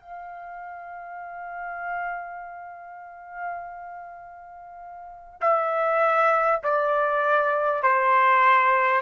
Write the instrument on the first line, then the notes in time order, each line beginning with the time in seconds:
trumpet
0.00 F5
5.41 E5
6.63 D5
7.83 C5